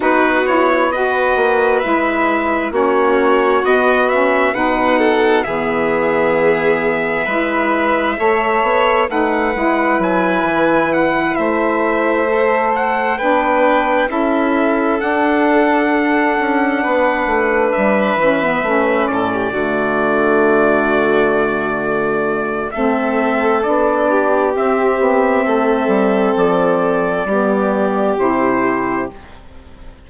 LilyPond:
<<
  \new Staff \with { instrumentName = "trumpet" } { \time 4/4 \tempo 4 = 66 b'8 cis''8 dis''4 e''4 cis''4 | dis''8 e''8 fis''4 e''2~ | e''2 fis''4 gis''4 | fis''8 e''4. fis''8 g''4 e''8~ |
e''8 fis''2. e''8~ | e''4 d''2.~ | d''4 e''4 d''4 e''4~ | e''4 d''2 c''4 | }
  \new Staff \with { instrumentName = "violin" } { \time 4/4 fis'4 b'2 fis'4~ | fis'4 b'8 a'8 gis'2 | b'4 cis''4 b'2~ | b'8 c''2 b'4 a'8~ |
a'2~ a'8 b'4.~ | b'4 a'16 g'16 fis'2~ fis'8~ | fis'4 a'4. g'4. | a'2 g'2 | }
  \new Staff \with { instrumentName = "saxophone" } { \time 4/4 dis'8 e'8 fis'4 e'4 cis'4 | b8 cis'8 dis'4 b2 | e'4 a'4 dis'8 e'4.~ | e'4. a'4 d'4 e'8~ |
e'8 d'2.~ d'8 | cis'16 b16 cis'4 a2~ a8~ | a4 c'4 d'4 c'4~ | c'2 b4 e'4 | }
  \new Staff \with { instrumentName = "bassoon" } { \time 4/4 b4. ais8 gis4 ais4 | b4 b,4 e2 | gis4 a8 b8 a8 gis8 fis8 e8~ | e8 a2 b4 cis'8~ |
cis'8 d'4. cis'8 b8 a8 g8 | e8 a8 a,8 d2~ d8~ | d4 a4 b4 c'8 b8 | a8 g8 f4 g4 c4 | }
>>